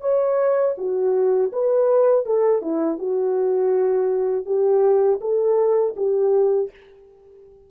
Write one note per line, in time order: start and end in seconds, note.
0.00 0.74 C#5
0.77 1.51 F#4
1.52 2.25 B4
2.25 2.61 A4
2.61 2.98 E4
2.98 4.45 F#4
4.45 5.20 G4
5.20 5.94 A4
5.96 6.70 G4